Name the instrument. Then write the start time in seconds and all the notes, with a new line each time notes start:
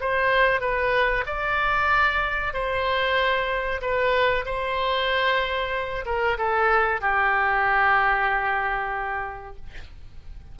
oboe
0.00 C5
0.60 B4
1.26 D5
2.53 C5
3.81 B4
4.45 C5
6.05 A#4
6.37 A4
7.01 G4